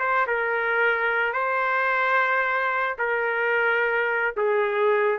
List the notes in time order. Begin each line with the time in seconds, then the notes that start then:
0.00 C5
0.27 A#4
1.34 C5
2.99 A#4
4.37 G#4